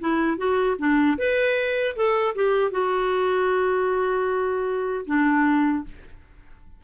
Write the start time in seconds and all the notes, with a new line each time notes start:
0.00 E4
0.38 F#4
0.79 D4
1.18 B4
1.96 A4
2.36 G4
2.71 F#4
5.06 D4